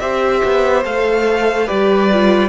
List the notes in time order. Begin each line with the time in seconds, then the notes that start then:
0.00 C4 G4 C5 E5
0.44 B3
0.85 A3 A4 F5
1.67 G3 G4 B4 D5
2.13 F4